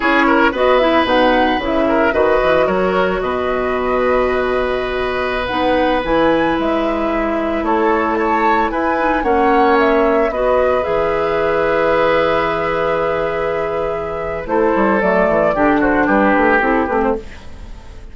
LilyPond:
<<
  \new Staff \with { instrumentName = "flute" } { \time 4/4 \tempo 4 = 112 cis''4 dis''8 e''8 fis''4 e''4 | dis''4 cis''4 dis''2~ | dis''2~ dis''16 fis''4 gis''8.~ | gis''16 e''2 cis''4 a''8.~ |
a''16 gis''4 fis''4 e''4 dis''8.~ | dis''16 e''2.~ e''8.~ | e''2. c''4 | d''4. c''8 b'4 a'8 b'16 c''16 | }
  \new Staff \with { instrumentName = "oboe" } { \time 4/4 gis'8 ais'8 b'2~ b'8 ais'8 | b'4 ais'4 b'2~ | b'1~ | b'2~ b'16 a'4 cis''8.~ |
cis''16 b'4 cis''2 b'8.~ | b'1~ | b'2. a'4~ | a'4 g'8 fis'8 g'2 | }
  \new Staff \with { instrumentName = "clarinet" } { \time 4/4 e'4 fis'8 e'8 dis'4 e'4 | fis'1~ | fis'2~ fis'16 dis'4 e'8.~ | e'1~ |
e'8. dis'8 cis'2 fis'8.~ | fis'16 gis'2.~ gis'8.~ | gis'2. e'4 | a4 d'2 e'8 c'8 | }
  \new Staff \with { instrumentName = "bassoon" } { \time 4/4 cis'4 b4 b,4 cis4 | dis8 e8 fis4 b,2~ | b,2~ b,16 b4 e8.~ | e16 gis2 a4.~ a16~ |
a16 e'4 ais2 b8.~ | b16 e2.~ e8.~ | e2. a8 g8 | fis8 e8 d4 g8 a8 c'8 a8 | }
>>